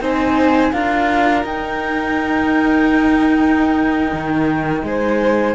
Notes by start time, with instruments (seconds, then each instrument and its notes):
0.00 cello C4 D#4, violin C5, flute G#5
0.72 cello D4 F4, violin A#4, flute F5
1.43 cello D#4, flute G5
4.12 cello D#3
4.82 cello G#3, violin C5, flute G#5